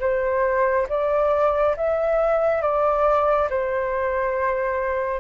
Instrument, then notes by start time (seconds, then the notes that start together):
flute
0.00 C5
0.89 D5
1.76 E5
2.62 D5
3.49 C5